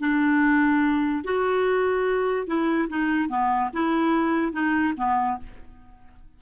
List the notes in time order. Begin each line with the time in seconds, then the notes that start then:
0.00 D4
1.24 F#4
2.47 E4
2.90 D#4
3.29 B3
3.74 E4
4.53 D#4
4.97 B3